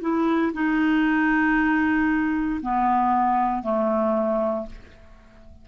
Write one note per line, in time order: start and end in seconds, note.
0.00 0.52 E4
0.53 2.60 D#4
2.61 3.62 B3
3.62 4.66 A3